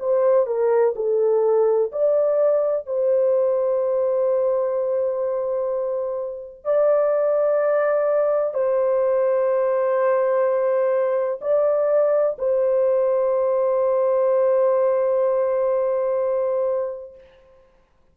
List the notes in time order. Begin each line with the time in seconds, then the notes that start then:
0.00 C5
0.47 A#4
0.96 A4
1.92 D5
2.87 C5
6.65 D5
8.54 C5
11.42 D5
12.39 C5